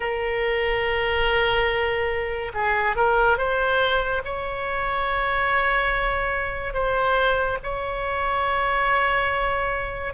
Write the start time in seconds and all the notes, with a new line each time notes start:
0.00 A#4
2.54 G#4
2.96 A#4
3.37 C5
4.24 C#5
6.73 C5
7.63 C#5